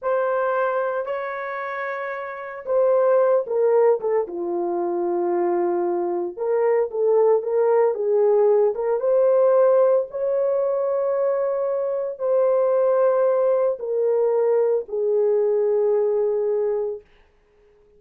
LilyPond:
\new Staff \with { instrumentName = "horn" } { \time 4/4 \tempo 4 = 113 c''2 cis''2~ | cis''4 c''4. ais'4 a'8 | f'1 | ais'4 a'4 ais'4 gis'4~ |
gis'8 ais'8 c''2 cis''4~ | cis''2. c''4~ | c''2 ais'2 | gis'1 | }